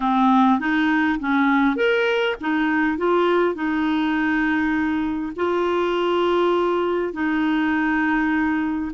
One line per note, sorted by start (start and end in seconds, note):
0.00 0.59 C4
0.59 1.19 D#4
1.19 1.76 C#4
1.76 2.35 A#4
2.41 2.97 D#4
2.97 3.54 F4
3.54 5.32 D#4
5.36 7.13 F4
7.13 8.91 D#4